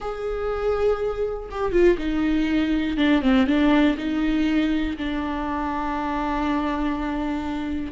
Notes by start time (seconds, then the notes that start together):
0.00 G#4
1.51 G4
1.72 F4
1.98 D#4
2.97 D4
3.22 C4
3.46 D4
3.97 D#4
4.97 D4